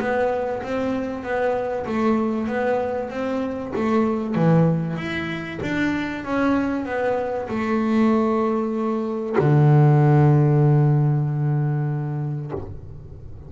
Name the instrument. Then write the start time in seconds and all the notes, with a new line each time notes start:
double bass
0.00 B3
0.63 C4
1.23 B3
1.86 A3
2.48 B3
3.10 C4
3.75 A3
4.35 E3
4.97 E4
5.62 D4
6.24 C#4
6.86 B3
7.49 A3
9.39 D3